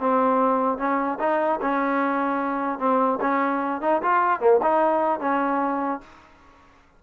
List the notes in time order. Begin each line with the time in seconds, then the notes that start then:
0.00 C4
0.79 C#4
1.20 D#4
1.61 C#4
2.79 C4
3.21 C#4
3.82 D#4
4.03 F4
4.40 A#3
4.63 D#4
5.20 C#4